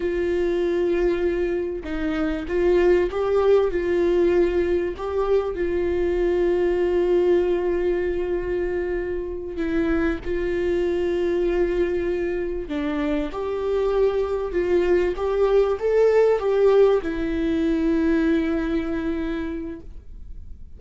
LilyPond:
\new Staff \with { instrumentName = "viola" } { \time 4/4 \tempo 4 = 97 f'2. dis'4 | f'4 g'4 f'2 | g'4 f'2.~ | f'2.~ f'8 e'8~ |
e'8 f'2.~ f'8~ | f'8 d'4 g'2 f'8~ | f'8 g'4 a'4 g'4 e'8~ | e'1 | }